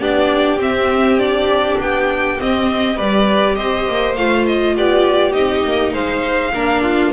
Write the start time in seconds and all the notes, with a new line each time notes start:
0.00 B3 D4 G4 D5
0.57 C4 E5
1.19 D4 D5
1.80 B3 G5
2.39 C4 D#5
2.96 G3 G4 B4 D5
3.56 C4 C5 D#5
3.89 A#3
4.16 A3 F4 F5
4.47 D#5
4.76 B3 G4 D5
5.33 C4 D#4 D#5
5.65 A#3
5.93 G#3 C5 F5
6.54 A#3 D4 A#4
6.83 F4